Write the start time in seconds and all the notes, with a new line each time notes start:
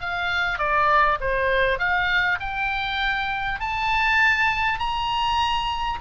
0.00 F5
0.58 D5
1.21 C5
1.79 F5
2.40 G5
3.60 A5
4.79 A#5